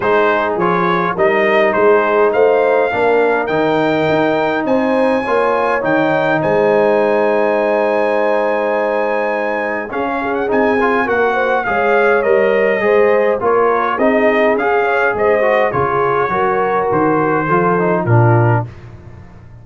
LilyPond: <<
  \new Staff \with { instrumentName = "trumpet" } { \time 4/4 \tempo 4 = 103 c''4 cis''4 dis''4 c''4 | f''2 g''2 | gis''2 g''4 gis''4~ | gis''1~ |
gis''4 f''8. fis''16 gis''4 fis''4 | f''4 dis''2 cis''4 | dis''4 f''4 dis''4 cis''4~ | cis''4 c''2 ais'4 | }
  \new Staff \with { instrumentName = "horn" } { \time 4/4 gis'2 ais'4 gis'4 | c''4 ais'2. | c''4 cis''2 c''4~ | c''1~ |
c''4 gis'16 cis''16 gis'4. ais'8 c''8 | cis''2 c''4 ais'4 | gis'4. cis''8 c''4 gis'4 | ais'2 a'4 f'4 | }
  \new Staff \with { instrumentName = "trombone" } { \time 4/4 dis'4 f'4 dis'2~ | dis'4 d'4 dis'2~ | dis'4 f'4 dis'2~ | dis'1~ |
dis'4 cis'4 dis'8 f'8 fis'4 | gis'4 ais'4 gis'4 f'4 | dis'4 gis'4. fis'8 f'4 | fis'2 f'8 dis'8 d'4 | }
  \new Staff \with { instrumentName = "tuba" } { \time 4/4 gis4 f4 g4 gis4 | a4 ais4 dis4 dis'4 | c'4 ais4 dis4 gis4~ | gis1~ |
gis4 cis'4 c'4 ais4 | gis4 g4 gis4 ais4 | c'4 cis'4 gis4 cis4 | fis4 dis4 f4 ais,4 | }
>>